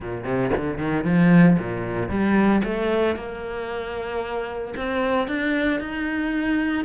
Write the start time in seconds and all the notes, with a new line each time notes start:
0.00 A#2
0.24 C3
0.56 D3
0.78 D#3
1.04 F3
1.58 A#2
2.09 G3
2.64 A3
3.16 A#3
4.76 C4
5.27 D4
5.80 D#4